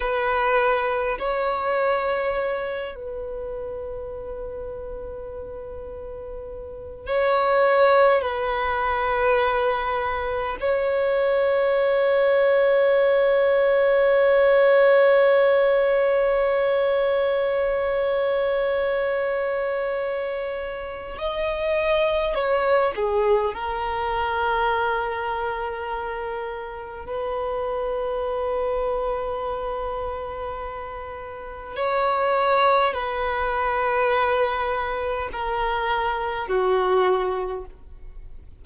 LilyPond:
\new Staff \with { instrumentName = "violin" } { \time 4/4 \tempo 4 = 51 b'4 cis''4. b'4.~ | b'2 cis''4 b'4~ | b'4 cis''2.~ | cis''1~ |
cis''2 dis''4 cis''8 gis'8 | ais'2. b'4~ | b'2. cis''4 | b'2 ais'4 fis'4 | }